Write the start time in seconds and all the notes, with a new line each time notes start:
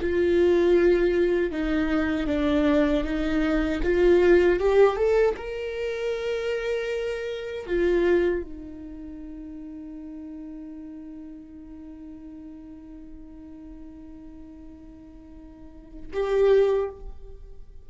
0.00 F4
1.51 D#4
2.27 D4
3.03 D#4
3.83 F4
4.59 G4
4.96 A4
5.36 A#4
7.66 F4
8.43 D#4
16.12 G4